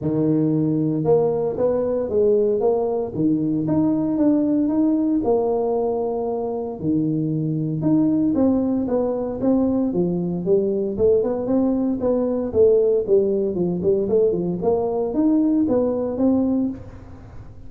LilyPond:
\new Staff \with { instrumentName = "tuba" } { \time 4/4 \tempo 4 = 115 dis2 ais4 b4 | gis4 ais4 dis4 dis'4 | d'4 dis'4 ais2~ | ais4 dis2 dis'4 |
c'4 b4 c'4 f4 | g4 a8 b8 c'4 b4 | a4 g4 f8 g8 a8 f8 | ais4 dis'4 b4 c'4 | }